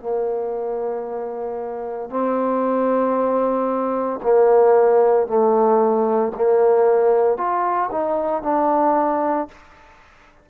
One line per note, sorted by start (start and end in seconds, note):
0.00 2.10 A#3
2.10 4.20 C4
4.22 5.27 A#3
5.27 6.32 A3
6.35 7.37 A#3
7.37 7.90 F4
7.91 8.43 D#4
8.43 9.48 D4